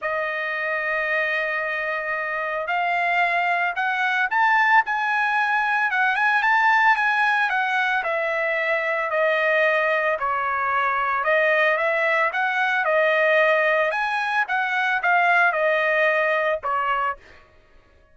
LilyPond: \new Staff \with { instrumentName = "trumpet" } { \time 4/4 \tempo 4 = 112 dis''1~ | dis''4 f''2 fis''4 | a''4 gis''2 fis''8 gis''8 | a''4 gis''4 fis''4 e''4~ |
e''4 dis''2 cis''4~ | cis''4 dis''4 e''4 fis''4 | dis''2 gis''4 fis''4 | f''4 dis''2 cis''4 | }